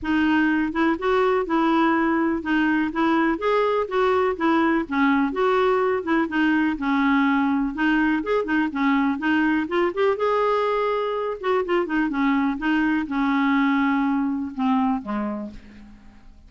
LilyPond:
\new Staff \with { instrumentName = "clarinet" } { \time 4/4 \tempo 4 = 124 dis'4. e'8 fis'4 e'4~ | e'4 dis'4 e'4 gis'4 | fis'4 e'4 cis'4 fis'4~ | fis'8 e'8 dis'4 cis'2 |
dis'4 gis'8 dis'8 cis'4 dis'4 | f'8 g'8 gis'2~ gis'8 fis'8 | f'8 dis'8 cis'4 dis'4 cis'4~ | cis'2 c'4 gis4 | }